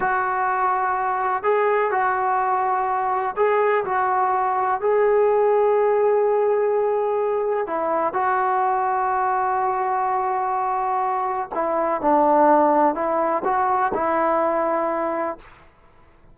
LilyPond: \new Staff \with { instrumentName = "trombone" } { \time 4/4 \tempo 4 = 125 fis'2. gis'4 | fis'2. gis'4 | fis'2 gis'2~ | gis'1 |
e'4 fis'2.~ | fis'1 | e'4 d'2 e'4 | fis'4 e'2. | }